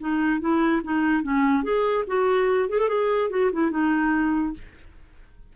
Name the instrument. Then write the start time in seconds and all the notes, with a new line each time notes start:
clarinet
0.00 D#4
0.40 E4
0.83 D#4
1.22 C#4
1.63 G#4
2.07 F#4
2.69 G#4
2.79 A4
2.88 G#4
3.30 F#4
3.52 E4
3.71 D#4